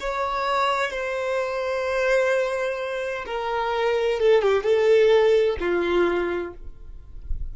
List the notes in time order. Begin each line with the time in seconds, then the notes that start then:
0.00 C#5
0.91 C5
3.26 A#4
4.19 A4
4.42 G4
4.63 A4
5.60 F4